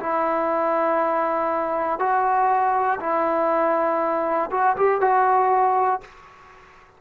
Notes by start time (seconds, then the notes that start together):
0.00 E4
2.00 F#4
3.01 E4
4.51 F#4
4.77 G4
5.01 F#4